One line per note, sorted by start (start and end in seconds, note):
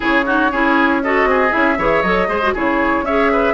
0.00 0.52 C#3
0.00 0.25 E4
0.00 0.25 G#4
0.00 1.03 C#5
0.25 0.51 D#4
0.25 0.51 F#4
0.51 1.24 C#4
0.51 1.03 E4
0.51 1.01 G#4
1.03 1.50 F#4
1.03 1.28 A4
1.03 1.52 D#5
1.24 1.50 C4
1.24 1.78 G#4
1.50 1.78 C#4
1.50 1.75 E4
1.50 2.02 E5
1.78 2.02 E3
1.78 2.04 G#4
1.78 2.28 C#5
2.02 2.28 F#3
2.02 2.28 A4
2.02 2.53 D#5
2.28 2.53 G#3
2.28 2.40 G#4
2.28 2.53 C5
2.42 2.55 F#4
2.53 3.01 C#3
2.53 3.06 E4
2.53 3.04 G#4
2.53 3.05 C#5
3.01 3.52 C#4
3.01 3.53 G#4
3.01 3.31 C#5
3.01 3.53 E5
3.32 3.53 B4